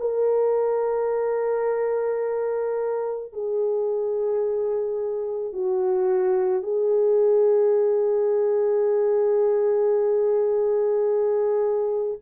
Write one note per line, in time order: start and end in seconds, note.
0.00 3.33 A#4
3.33 5.53 G#4
5.53 6.63 F#4
6.63 12.19 G#4